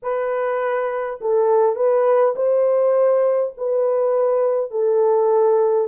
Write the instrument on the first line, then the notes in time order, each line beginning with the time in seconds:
horn
0.02 B4
1.21 A4
1.75 B4
2.35 C5
3.57 B4
4.71 A4